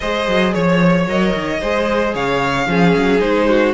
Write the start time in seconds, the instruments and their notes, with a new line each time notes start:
0.00 cello G#3, viola G#4, violin C5 D#5
0.27 cello F#3
0.53 cello F3, violin C#5
1.07 cello F#3, viola A#4, violin D#5
1.34 cello D#3
1.60 cello G#3, viola G#4, violin C5
2.14 cello C#3, violin C#5 F5
2.67 cello F3, viola C#4, violin G#4
2.95 cello F#3
3.19 cello G#3, viola D#4, violin C5
3.48 violin F#4